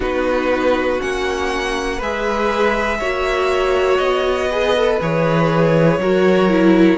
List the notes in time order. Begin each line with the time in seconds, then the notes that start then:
0.00 B3 D#4 F#4 B4
0.99 A#3 C#4 F#5
1.97 G#3 G#4 B4 E5
2.98 A#3 F#4 C#5
3.97 B3 D#5
4.49 G#4 B4
4.76 A4
5.01 E3 G#4 C#5
5.97 F#3 F#4 A#4
6.49 E4